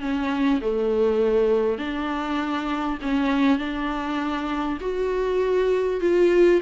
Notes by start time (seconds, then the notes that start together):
0.00 C#4
0.61 A3
1.78 D4
3.01 C#4
3.58 D4
4.80 F#4
6.00 F4